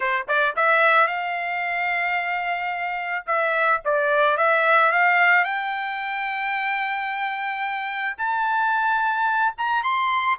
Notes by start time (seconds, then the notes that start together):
0.00 C5
0.28 D5
0.56 E5
1.07 F5
3.26 E5
3.85 D5
4.37 E5
4.91 F5
5.44 G5
8.17 A5
9.57 A#5
9.83 C6